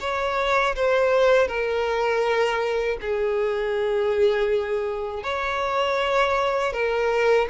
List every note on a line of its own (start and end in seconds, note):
0.00 0.75 C#5
0.76 1.48 C5
1.48 2.98 A#4
3.01 5.23 G#4
5.23 6.73 C#5
6.73 7.48 A#4